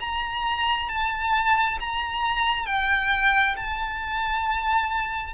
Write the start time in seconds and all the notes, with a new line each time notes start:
0.00 A#5
0.89 A5
1.80 A#5
2.66 G5
3.56 A5